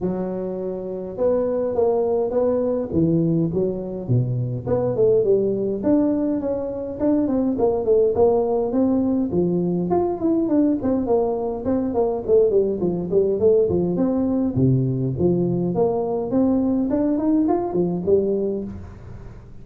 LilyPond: \new Staff \with { instrumentName = "tuba" } { \time 4/4 \tempo 4 = 103 fis2 b4 ais4 | b4 e4 fis4 b,4 | b8 a8 g4 d'4 cis'4 | d'8 c'8 ais8 a8 ais4 c'4 |
f4 f'8 e'8 d'8 c'8 ais4 | c'8 ais8 a8 g8 f8 g8 a8 f8 | c'4 c4 f4 ais4 | c'4 d'8 dis'8 f'8 f8 g4 | }